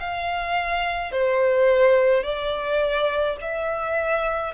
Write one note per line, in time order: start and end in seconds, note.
0.00 1.12 F5
1.12 2.24 C5
2.24 3.37 D5
3.41 4.54 E5